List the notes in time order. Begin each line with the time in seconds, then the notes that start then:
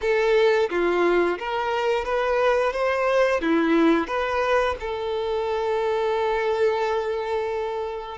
0.01 A4
0.70 F4
1.38 A#4
2.05 B4
2.73 C5
3.41 E4
4.07 B4
4.80 A4